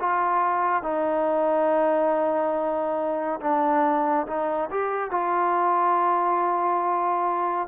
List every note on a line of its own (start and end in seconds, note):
0.00 0.83 F4
0.83 3.40 D#4
3.41 4.26 D4
4.27 4.69 D#4
4.70 5.11 G4
5.11 7.68 F4